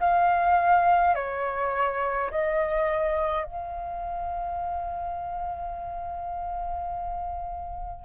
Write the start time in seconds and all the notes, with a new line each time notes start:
0.00 F5
1.15 C#5
2.31 D#5
3.45 F5